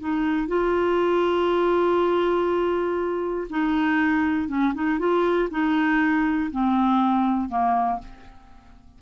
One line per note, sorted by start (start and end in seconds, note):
0.00 0.48 D#4
0.48 3.48 F4
3.50 4.49 D#4
4.49 4.74 C#4
4.75 5.00 D#4
5.00 5.50 F4
5.51 6.51 D#4
6.52 7.50 C4
7.50 8.00 A#3